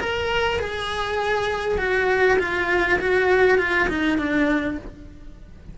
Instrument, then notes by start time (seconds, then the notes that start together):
cello
0.00 A#4
0.59 G#4
1.78 F#4
2.38 F4
2.99 F#4
3.58 F4
3.88 D#4
4.18 D4